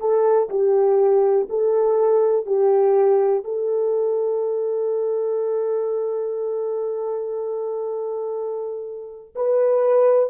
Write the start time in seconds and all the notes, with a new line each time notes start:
0.00 A4
0.50 G4
1.50 A4
2.47 G4
3.45 A4
9.36 B4